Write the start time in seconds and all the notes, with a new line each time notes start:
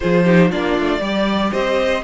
0.00 F3 F4 G#4 C5
0.24 D#4 G4
0.50 A#3 D4 F4 D5
0.78 A3
1.01 G3 G4 D5
1.52 C4 C5 D#5